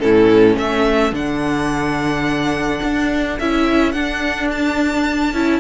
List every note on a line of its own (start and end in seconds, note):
0.00 0.57 A2
0.00 1.12 C#4
0.00 0.57 E4
0.00 0.56 A4
0.57 1.12 A3
0.57 5.60 A4
0.57 1.14 E5
1.12 2.80 D3
1.12 3.38 D4
1.12 3.39 F#5
2.83 3.39 D4
3.39 3.94 C#4
3.39 3.94 E4
3.39 3.92 E5
3.92 5.34 D4
3.92 4.48 F#5
4.51 5.60 A5
5.34 5.60 C#4
5.34 5.60 E4